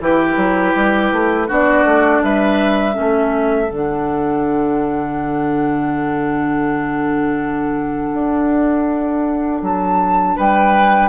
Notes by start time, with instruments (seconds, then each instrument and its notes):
0.00 bassoon E3, clarinet E4, oboe G4, flute B4
0.37 bassoon F#3
0.75 bassoon G3
1.12 bassoon A3
1.48 bassoon B3, clarinet D4, oboe F#4, flute D5
1.84 bassoon A3
2.23 bassoon G3, oboe B4, flute E5
2.92 bassoon A3, clarinet C#4, oboe A4
3.70 bassoon D3, clarinet D4, flute F#5
8.14 bassoon D4
9.62 bassoon F#3, flute A5
10.36 bassoon G3, oboe B4, flute G5